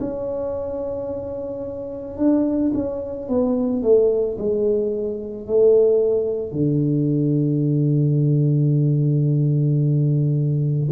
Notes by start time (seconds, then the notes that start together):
0.00 C#4
2.18 D4
2.74 C#4
3.28 B3
3.83 A3
4.38 G#3
5.47 A3
6.52 D3